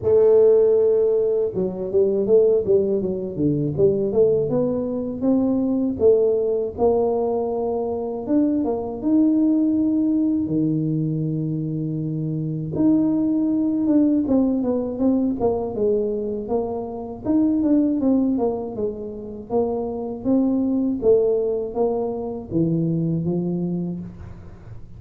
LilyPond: \new Staff \with { instrumentName = "tuba" } { \time 4/4 \tempo 4 = 80 a2 fis8 g8 a8 g8 | fis8 d8 g8 a8 b4 c'4 | a4 ais2 d'8 ais8 | dis'2 dis2~ |
dis4 dis'4. d'8 c'8 b8 | c'8 ais8 gis4 ais4 dis'8 d'8 | c'8 ais8 gis4 ais4 c'4 | a4 ais4 e4 f4 | }